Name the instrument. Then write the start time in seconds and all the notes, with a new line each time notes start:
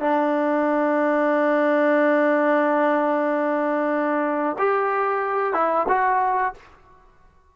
trombone
0.00 D4
4.59 G4
5.54 E4
5.88 F#4